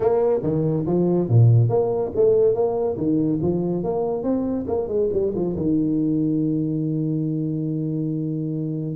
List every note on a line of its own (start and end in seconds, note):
0.00 0.40 A#3
0.42 0.85 D#3
0.86 1.29 F3
1.29 1.69 A#2
1.69 2.11 A#3
2.15 2.54 A3
2.54 2.97 A#3
2.97 3.39 D#3
3.42 3.83 F3
3.83 4.23 A#3
4.23 4.65 C4
4.67 4.87 A#3
4.87 5.09 G#3
5.12 5.34 G3
5.34 5.56 F3
5.56 8.95 D#3